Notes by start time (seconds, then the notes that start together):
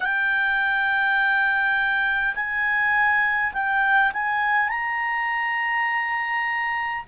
0.00 G5
2.35 G#5
3.53 G5
4.13 G#5
4.68 A#5